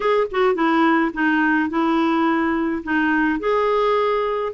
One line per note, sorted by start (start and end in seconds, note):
0.00 0.27 G#4
0.31 0.55 F#4
0.55 1.11 E4
1.13 1.69 D#4
1.69 2.82 E4
2.83 3.39 D#4
3.39 4.53 G#4